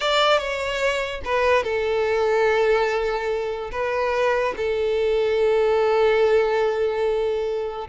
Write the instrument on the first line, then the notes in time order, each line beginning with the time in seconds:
violin
0.00 D5
0.38 C#5
1.25 B4
1.63 A4
3.71 B4
4.56 A4